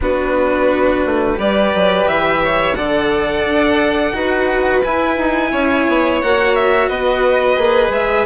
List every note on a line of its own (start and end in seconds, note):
0.01 1.04 B3
0.01 1.34 D4
0.01 1.38 F#4
0.01 1.39 B4
1.05 1.38 A3
1.34 1.72 G3
1.34 2.72 G4
1.34 2.42 B4
1.34 2.07 D5
1.74 2.06 F#3
2.06 2.75 E3
2.06 2.74 E5
2.43 2.77 C#5
2.74 3.44 D3
2.74 4.13 A4
2.74 4.15 D5
2.74 4.81 F#5
3.45 4.13 D4
4.13 4.82 D#4
4.13 4.82 F#4
4.13 5.51 B4
4.83 6.22 E4
4.83 5.17 E4
4.83 6.21 G#5
5.17 5.51 D#4
5.51 5.86 C#4
5.51 6.89 C#5
5.88 6.22 B3
6.21 6.88 A#3
6.21 7.57 F#4
6.21 6.55 F#5
6.55 6.88 E5
6.88 7.57 B3
6.88 8.26 B4
6.88 7.91 D#5
7.57 7.89 A#3
7.57 8.26 G#4
7.89 8.24 G#3
7.89 8.26 E5